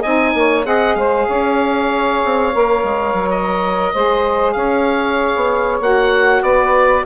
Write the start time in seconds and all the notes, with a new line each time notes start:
0.00 C4 D#4 D#5 G#5
0.34 A#3 C#5
0.64 C4 G#4 D#5 F#5
0.95 G#3 C5 F5
1.27 C#4 C#5
2.24 C4
2.53 A#3 A#4
2.83 G#3
3.13 F#3
3.30 D#5
3.93 G#3 G#4 C5
4.52 C#4 C#5 F5
5.35 B3
5.80 A#3 F#4 F#5
6.42 B3 B4 D5